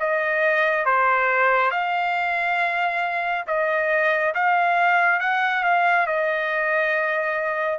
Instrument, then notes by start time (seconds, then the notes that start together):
trumpet
0.00 D#5
0.85 C5
1.71 F5
3.47 D#5
4.35 F5
5.20 F#5
5.64 F5
6.07 D#5